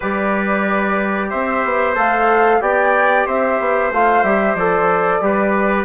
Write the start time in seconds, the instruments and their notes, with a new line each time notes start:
0.00 bassoon G3, trombone G4, trumpet B4, flute D5
1.30 bassoon C4, trumpet C5, flute E5
1.64 bassoon B3
1.95 bassoon A3, trombone A4, flute F5
2.60 bassoon B3, trombone G4, trumpet D5, flute G5
3.26 bassoon C4, trumpet C5, flute E5
3.59 bassoon B3
3.91 bassoon A3, trombone F4, flute F5
4.23 bassoon G3, trombone G4, flute E5
4.54 bassoon F3, trombone A4, flute D5
5.21 bassoon G3, trombone G4, trumpet B4